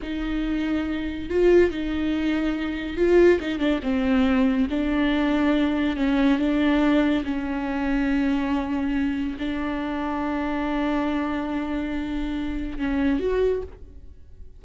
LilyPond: \new Staff \with { instrumentName = "viola" } { \time 4/4 \tempo 4 = 141 dis'2. f'4 | dis'2. f'4 | dis'8 d'8 c'2 d'4~ | d'2 cis'4 d'4~ |
d'4 cis'2.~ | cis'2 d'2~ | d'1~ | d'2 cis'4 fis'4 | }